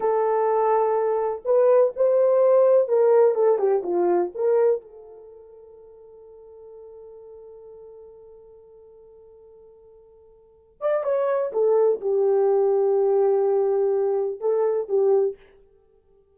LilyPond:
\new Staff \with { instrumentName = "horn" } { \time 4/4 \tempo 4 = 125 a'2. b'4 | c''2 ais'4 a'8 g'8 | f'4 ais'4 a'2~ | a'1~ |
a'1~ | a'2~ a'8 d''8 cis''4 | a'4 g'2.~ | g'2 a'4 g'4 | }